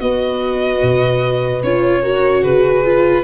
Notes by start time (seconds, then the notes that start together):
0.00 B3 F#4 B4 D#5
0.82 B2
1.63 C#4 F4 C#5
2.02 F#4 A#4
2.42 C#3 G#4 B4
2.84 F4